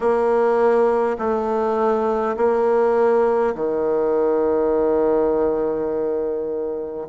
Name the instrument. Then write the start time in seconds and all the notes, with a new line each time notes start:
bassoon
0.00 A#3
1.18 A3
2.36 A#3
3.55 D#3